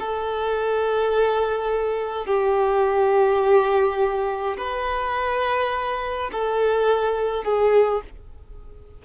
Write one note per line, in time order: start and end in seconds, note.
0.00 2.26 A4
2.26 4.57 G4
4.58 6.31 B4
6.33 7.44 A4
7.44 8.02 G#4